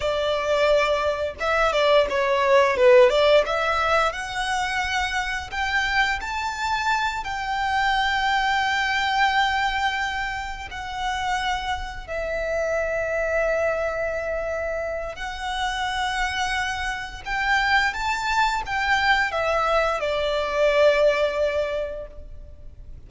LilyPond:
\new Staff \with { instrumentName = "violin" } { \time 4/4 \tempo 4 = 87 d''2 e''8 d''8 cis''4 | b'8 d''8 e''4 fis''2 | g''4 a''4. g''4.~ | g''2.~ g''8 fis''8~ |
fis''4. e''2~ e''8~ | e''2 fis''2~ | fis''4 g''4 a''4 g''4 | e''4 d''2. | }